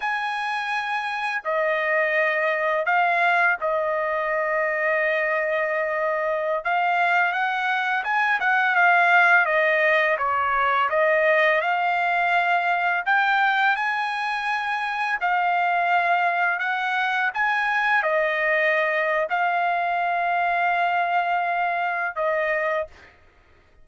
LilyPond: \new Staff \with { instrumentName = "trumpet" } { \time 4/4 \tempo 4 = 84 gis''2 dis''2 | f''4 dis''2.~ | dis''4~ dis''16 f''4 fis''4 gis''8 fis''16~ | fis''16 f''4 dis''4 cis''4 dis''8.~ |
dis''16 f''2 g''4 gis''8.~ | gis''4~ gis''16 f''2 fis''8.~ | fis''16 gis''4 dis''4.~ dis''16 f''4~ | f''2. dis''4 | }